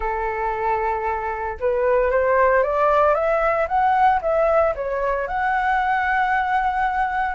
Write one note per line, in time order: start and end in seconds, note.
0.00 1.58 A4
1.60 2.11 B4
2.11 2.63 C5
2.63 3.14 D5
3.14 3.67 E5
3.67 4.20 F#5
4.21 4.74 E5
4.75 5.27 C#5
5.27 7.35 F#5